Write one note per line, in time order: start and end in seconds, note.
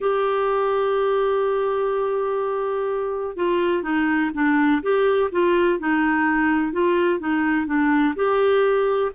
0.00 3.36 G4
3.36 3.83 F4
3.83 4.31 D#4
4.33 4.81 D4
4.82 5.30 G4
5.31 5.79 F4
5.79 6.72 D#4
6.72 7.19 F4
7.19 7.66 D#4
7.66 8.14 D4
8.15 9.11 G4